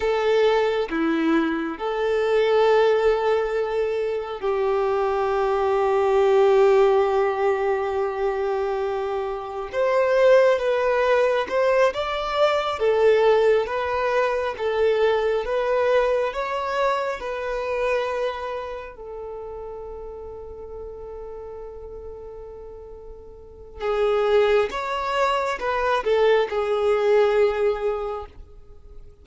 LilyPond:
\new Staff \with { instrumentName = "violin" } { \time 4/4 \tempo 4 = 68 a'4 e'4 a'2~ | a'4 g'2.~ | g'2. c''4 | b'4 c''8 d''4 a'4 b'8~ |
b'8 a'4 b'4 cis''4 b'8~ | b'4. a'2~ a'8~ | a'2. gis'4 | cis''4 b'8 a'8 gis'2 | }